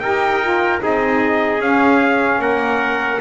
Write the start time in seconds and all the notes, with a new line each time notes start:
0.00 D#4 G4 A#4 G5
0.43 F4
0.80 C4 D#4 G#4 D#5
1.60 C#4 F5
2.39 A#3 A#4 F#5